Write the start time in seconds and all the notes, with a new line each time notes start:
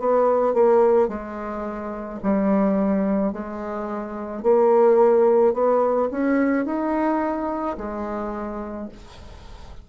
0.00 B3
0.54 A#3
1.09 G#3
2.23 G3
3.33 G#3
4.43 A#3
5.54 B3
6.12 C#4
6.66 D#4
7.78 G#3